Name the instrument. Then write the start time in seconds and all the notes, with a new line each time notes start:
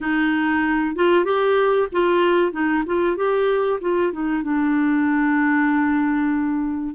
clarinet
0.00 D#4
0.95 F4
1.25 G4
1.91 F4
2.51 D#4
2.86 F4
3.16 G4
3.80 F4
4.12 D#4
4.42 D4